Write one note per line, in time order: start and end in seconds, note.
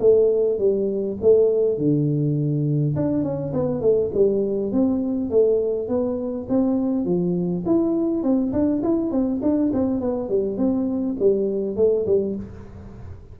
0.00 0.59 A3
0.59 1.18 G3
1.21 1.78 A3
1.78 2.95 D3
2.96 3.24 D4
3.24 3.53 C#4
3.53 3.81 B3
3.81 4.10 A3
4.14 4.72 G3
4.72 5.30 C4
5.30 5.88 A3
5.88 6.47 B3
6.49 7.05 C4
7.05 7.64 F3
7.66 8.23 E4
8.23 8.52 C4
8.52 8.82 D4
8.83 9.11 E4
9.11 9.41 C4
9.42 9.72 D4
9.73 10.01 C4
10.01 10.29 B3
10.29 10.58 G3
10.58 11.17 C4
11.20 11.76 G3
11.76 12.06 A3
12.06 12.36 G3